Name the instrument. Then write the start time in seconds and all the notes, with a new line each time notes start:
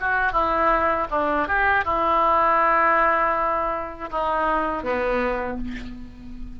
oboe
0.00 F#4
0.32 E4
1.10 D4
1.47 G4
1.84 E4
4.10 D#4
4.82 B3